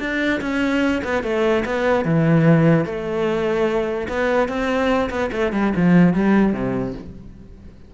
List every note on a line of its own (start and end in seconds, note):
0.00 0.41 D4
0.41 1.03 C#4
1.04 1.24 B3
1.24 1.64 A3
1.66 2.05 B3
2.05 2.86 E3
2.86 4.08 A3
4.09 4.49 B3
4.49 5.10 C4
5.10 5.31 B3
5.33 5.53 A3
5.53 5.73 G3
5.77 6.14 F3
6.14 6.54 G3
6.54 6.95 C3